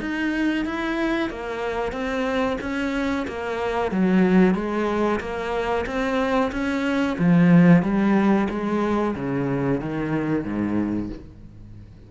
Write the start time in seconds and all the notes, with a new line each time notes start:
0.00 D#4
0.65 E4
1.30 A#3
1.92 C4
2.61 C#4
3.27 A#3
3.91 F#3
4.54 G#3
5.20 A#3
5.86 C4
6.52 C#4
7.19 F3
7.82 G3
8.50 G#3
9.15 C#3
9.80 D#3
10.44 G#2